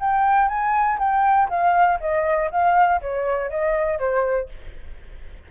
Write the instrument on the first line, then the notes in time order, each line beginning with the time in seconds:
flute
0.00 G5
0.48 G#5
0.99 G5
1.50 F5
2.00 D#5
2.51 F5
3.02 C#5
3.50 D#5
3.99 C5